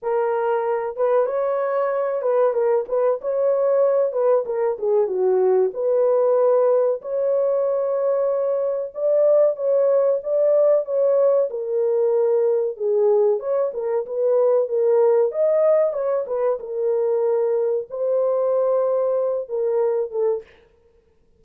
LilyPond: \new Staff \with { instrumentName = "horn" } { \time 4/4 \tempo 4 = 94 ais'4. b'8 cis''4. b'8 | ais'8 b'8 cis''4. b'8 ais'8 gis'8 | fis'4 b'2 cis''4~ | cis''2 d''4 cis''4 |
d''4 cis''4 ais'2 | gis'4 cis''8 ais'8 b'4 ais'4 | dis''4 cis''8 b'8 ais'2 | c''2~ c''8 ais'4 a'8 | }